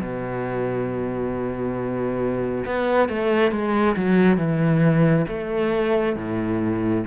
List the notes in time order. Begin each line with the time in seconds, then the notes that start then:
0.00 B2
2.66 B3
3.08 A3
3.51 G#3
3.96 F#3
4.37 E3
5.28 A3
6.16 A2